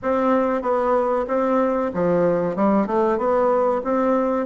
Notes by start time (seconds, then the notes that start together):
0.02 C4
0.62 B3
1.27 C4
1.94 F3
2.55 G3
2.86 A3
3.17 B3
3.84 C4